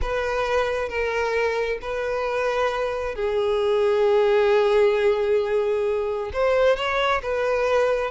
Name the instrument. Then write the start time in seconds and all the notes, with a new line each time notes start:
violin
0.01 B4
0.88 A#4
1.81 B4
3.15 G#4
6.33 C5
6.76 C#5
7.22 B4